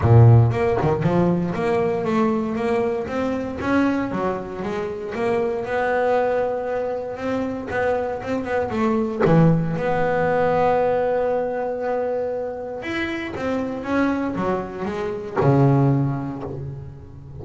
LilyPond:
\new Staff \with { instrumentName = "double bass" } { \time 4/4 \tempo 4 = 117 ais,4 ais8 dis8 f4 ais4 | a4 ais4 c'4 cis'4 | fis4 gis4 ais4 b4~ | b2 c'4 b4 |
c'8 b8 a4 e4 b4~ | b1~ | b4 e'4 c'4 cis'4 | fis4 gis4 cis2 | }